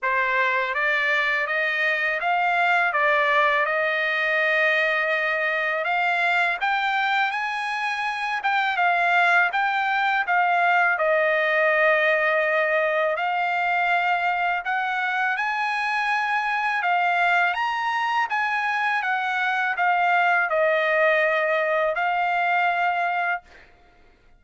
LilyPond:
\new Staff \with { instrumentName = "trumpet" } { \time 4/4 \tempo 4 = 82 c''4 d''4 dis''4 f''4 | d''4 dis''2. | f''4 g''4 gis''4. g''8 | f''4 g''4 f''4 dis''4~ |
dis''2 f''2 | fis''4 gis''2 f''4 | ais''4 gis''4 fis''4 f''4 | dis''2 f''2 | }